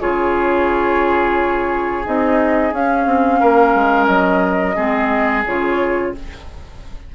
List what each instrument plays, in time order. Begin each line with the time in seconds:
0.00 bassoon C#3, clarinet F4, oboe G#4, flute C#5
2.04 bassoon C4, clarinet D#4, flute D#5
2.72 bassoon C#4, clarinet C#4, flute F5
3.06 bassoon C4
3.40 bassoon A#3, oboe A#4
3.74 bassoon G#3
4.06 bassoon F#3, flute D#5
4.76 bassoon G#3, clarinet C4, oboe G#4
5.46 bassoon C#3, clarinet F4, flute C#5